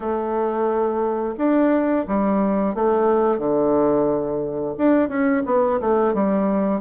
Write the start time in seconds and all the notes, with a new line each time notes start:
0.00 A3
1.37 D4
2.07 G3
2.75 A3
3.38 D3
4.77 D4
5.08 C#4
5.45 B3
5.80 A3
6.14 G3